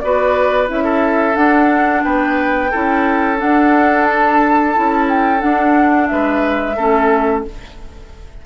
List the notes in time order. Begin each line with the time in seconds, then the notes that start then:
0.00 B3 F#4 B4 D5
0.67 C#4 E4 E5
0.84 A4
1.34 D4 F#5
2.04 B3 B4 G5
2.71 C#4 E4 A4
3.37 D4 F#5
4.04 A5
4.75 C#4 E4
5.09 G5
5.39 D4 F#5
6.07 G#3 B4 E5
6.77 A3 C#4 A4